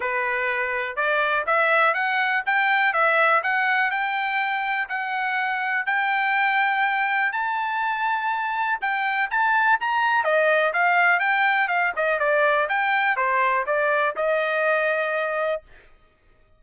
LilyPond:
\new Staff \with { instrumentName = "trumpet" } { \time 4/4 \tempo 4 = 123 b'2 d''4 e''4 | fis''4 g''4 e''4 fis''4 | g''2 fis''2 | g''2. a''4~ |
a''2 g''4 a''4 | ais''4 dis''4 f''4 g''4 | f''8 dis''8 d''4 g''4 c''4 | d''4 dis''2. | }